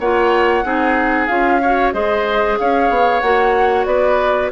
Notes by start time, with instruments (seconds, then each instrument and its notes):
0.00 bassoon A#3, clarinet F4, oboe C#5, flute F#5
0.65 bassoon C4, clarinet D#4, oboe G#4
1.27 bassoon C#4, clarinet F4, flute F5
1.62 clarinet F#4, oboe C#5
1.93 bassoon G#3, clarinet G#4, oboe C5, flute D#5
2.59 bassoon C#4, oboe C#5, flute F5
2.90 bassoon B3
3.21 bassoon A#3, clarinet F#4, flute F#5
3.86 bassoon B3, oboe B4, flute D5